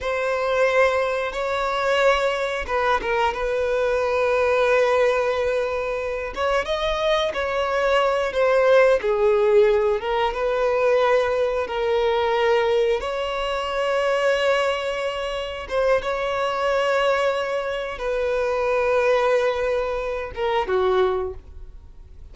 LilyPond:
\new Staff \with { instrumentName = "violin" } { \time 4/4 \tempo 4 = 90 c''2 cis''2 | b'8 ais'8 b'2.~ | b'4. cis''8 dis''4 cis''4~ | cis''8 c''4 gis'4. ais'8 b'8~ |
b'4. ais'2 cis''8~ | cis''2.~ cis''8 c''8 | cis''2. b'4~ | b'2~ b'8 ais'8 fis'4 | }